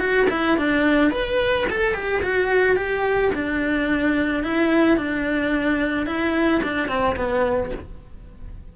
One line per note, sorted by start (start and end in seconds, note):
0.00 0.28 F#4
0.31 0.58 E4
0.58 1.11 D4
1.11 1.66 B4
1.71 1.95 A4
1.95 2.22 G4
2.23 2.77 F#4
2.77 3.32 G4
3.35 4.44 D4
4.44 4.98 E4
4.98 6.07 D4
6.07 6.62 E4
6.64 6.89 D4
6.89 7.16 C4
7.17 7.72 B3